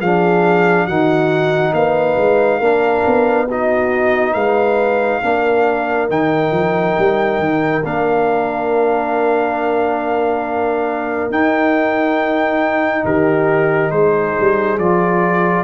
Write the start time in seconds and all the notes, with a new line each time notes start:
0.00 F3 D4 G#4 F5
0.85 D#3 D#4 F#4 F#5
1.73 A#3 B4 F5
2.17 G#3
2.60 A#3 D4 A#4
3.07 B3
3.47 D#4 F#4 D#5
4.34 G#3 B4 F5
5.23 A#3 D4 A#4
6.09 D#3 D#4 G5
6.51 F3
6.99 G3
7.39 D#3
7.85 A#3 D4 F5
11.30 D#4 G5
13.05 D#3 G4 A#4
13.91 G#3 G#4 C5
14.40 G3
14.78 F3 F4 D5